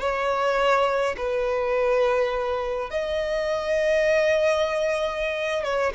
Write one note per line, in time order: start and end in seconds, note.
0.00 1.15 C#5
1.17 2.90 B4
2.90 5.64 D#5
5.64 5.92 C#5